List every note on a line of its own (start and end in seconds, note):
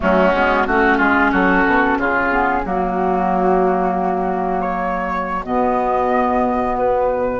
0.00 0.34 F#3
0.00 0.32 A3
0.00 0.67 C#4
0.00 0.98 F#4
0.34 0.66 G#3
0.34 0.68 B3
0.66 0.99 A3
0.66 2.31 C#4
0.66 0.97 F#4
0.97 1.32 G#3
0.97 1.30 F4
0.97 1.31 G#4
1.32 1.65 F#3
1.32 1.98 F#4
1.32 1.99 A4
1.65 1.97 B2
1.97 2.63 C#3
1.97 2.65 F4
1.97 2.66 G#4
2.31 2.64 B3
2.64 5.45 F#3
2.64 5.43 A#3
2.64 7.40 F#4
2.64 4.61 F#4
4.61 5.43 C#5
5.43 7.40 B2
5.43 7.40 B3
5.43 6.77 D#5
6.78 7.40 B4